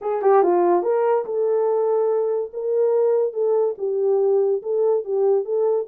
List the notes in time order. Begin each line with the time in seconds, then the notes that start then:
0.01 G#4
0.22 G4
0.42 F4
0.82 A#4
1.25 A4
2.53 A#4
3.33 A4
3.78 G4
4.62 A4
5.04 G4
5.45 A4